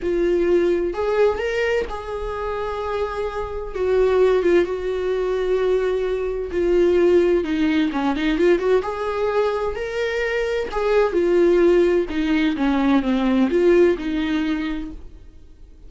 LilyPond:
\new Staff \with { instrumentName = "viola" } { \time 4/4 \tempo 4 = 129 f'2 gis'4 ais'4 | gis'1 | fis'4. f'8 fis'2~ | fis'2 f'2 |
dis'4 cis'8 dis'8 f'8 fis'8 gis'4~ | gis'4 ais'2 gis'4 | f'2 dis'4 cis'4 | c'4 f'4 dis'2 | }